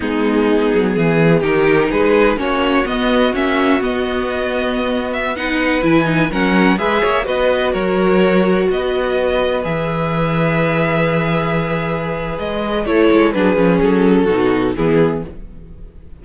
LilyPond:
<<
  \new Staff \with { instrumentName = "violin" } { \time 4/4 \tempo 4 = 126 gis'2. ais'4 | b'4 cis''4 dis''4 e''4 | dis''2~ dis''8. e''8 fis''8.~ | fis''16 gis''4 fis''4 e''4 dis''8.~ |
dis''16 cis''2 dis''4.~ dis''16~ | dis''16 e''2.~ e''8.~ | e''2 dis''4 cis''4 | b'4 a'2 gis'4 | }
  \new Staff \with { instrumentName = "violin" } { \time 4/4 dis'2 gis'4 g'4 | gis'4 fis'2.~ | fis'2.~ fis'16 b'8.~ | b'4~ b'16 ais'4 b'8 cis''8 b'8.~ |
b'16 ais'2 b'4.~ b'16~ | b'1~ | b'2. a'4 | gis'2 fis'4 e'4 | }
  \new Staff \with { instrumentName = "viola" } { \time 4/4 b2. dis'4~ | dis'4 cis'4 b4 cis'4 | b2.~ b16 dis'8.~ | dis'16 e'8 dis'8 cis'4 gis'4 fis'8.~ |
fis'1~ | fis'16 gis'2.~ gis'8.~ | gis'2. e'4 | d'8 cis'4. dis'4 b4 | }
  \new Staff \with { instrumentName = "cello" } { \time 4/4 gis4. fis8 e4 dis4 | gis4 ais4 b4 ais4 | b1~ | b16 e4 fis4 gis8 ais8 b8.~ |
b16 fis2 b4.~ b16~ | b16 e2.~ e8.~ | e2 gis4 a8 gis8 | fis8 f8 fis4 b,4 e4 | }
>>